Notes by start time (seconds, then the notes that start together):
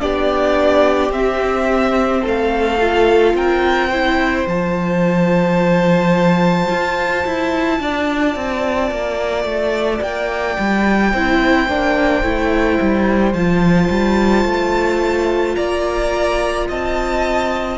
0.00 B3 D4 G4 D5
1.10 C4 E5
2.22 A3 A4 F5
2.80 F4
3.34 C4 A#4 G5
3.89 E4 C5
4.46 F3 F4 A5
6.69 F4
7.25 E4
7.80 D4 D5
8.35 C4
8.91 A#3
9.44 A3
10.01 A#3 G5
10.58 G3
11.11 C4 E4 C5
11.68 A#3 D4
12.22 A3 E4
12.80 G3
13.33 F3 F4 A5
13.89 G3
14.44 A3
15.55 A#3 D5 A#5
16.68 C4 D#5 A5